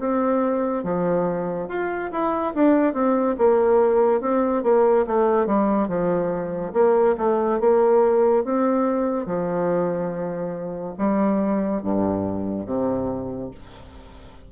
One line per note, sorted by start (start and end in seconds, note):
0.00 0.84 C4
0.84 1.69 F3
1.69 2.11 F4
2.12 2.54 E4
2.55 2.94 D4
2.94 3.36 C4
3.38 4.21 A#3
4.21 4.64 C4
4.64 5.06 A#3
5.07 5.47 A3
5.47 5.88 G3
5.88 6.73 F3
6.73 7.16 A#3
7.18 7.60 A3
7.60 8.45 A#3
8.45 9.26 C4
9.26 10.95 F3
10.98 11.83 G3
11.83 12.66 G2
12.66 13.51 C3